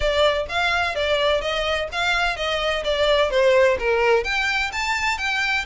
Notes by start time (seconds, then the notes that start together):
0.00 D5
0.48 F5
0.95 D5
1.41 D#5
1.91 F5
2.36 D#5
2.83 D5
3.30 C5
3.79 A#4
4.24 G5
4.72 A5
5.18 G5